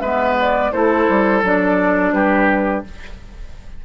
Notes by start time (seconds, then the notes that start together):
0.00 G#3 B3 B4 E5
0.41 D5
0.72 A3 E4 A4 C5
1.09 G3
1.43 F#3 D4 D5
2.12 G3 G4 B4